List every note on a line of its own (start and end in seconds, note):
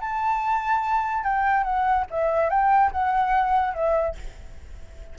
0.00 1.23 A5
1.23 1.63 G5
1.63 2.05 F#5
2.10 2.50 E5
2.50 2.91 G5
2.91 3.74 F#5
3.74 4.15 E5